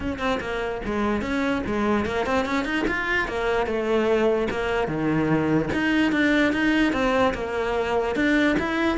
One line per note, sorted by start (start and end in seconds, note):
0.00 0.18 C#4
0.18 0.39 C4
0.40 0.81 A#3
0.85 1.21 G#3
1.21 1.62 C#4
1.66 2.05 G#3
2.05 2.26 A#3
2.26 2.45 C4
2.45 2.64 C#4
2.64 2.85 D#4
2.87 3.28 F4
3.28 3.66 A#3
3.66 4.48 A3
4.50 4.87 A#3
4.87 5.69 D#3
5.73 6.12 D#4
6.12 6.52 D4
6.52 6.92 D#4
6.92 7.33 C4
7.34 8.15 A#3
8.15 8.56 D4
8.59 8.97 E4